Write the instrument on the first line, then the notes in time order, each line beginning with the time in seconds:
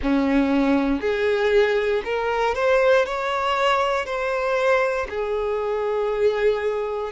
violin
0.02 C#4
1.00 G#4
2.04 A#4
2.54 C5
3.05 C#5
4.05 C5
5.09 G#4